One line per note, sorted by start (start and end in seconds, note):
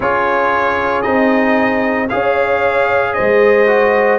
0.00 1.05 C#4
0.00 1.03 F4
0.00 2.08 G#4
0.00 1.02 C#5
1.02 2.10 C4
1.02 2.08 D#4
1.02 2.07 D#5
2.09 3.18 C#4
2.09 3.66 G#4
2.09 3.15 C#5
2.09 3.13 F5
3.13 4.19 G#3
3.13 4.19 C5
3.13 4.19 D#5
3.66 4.19 F#4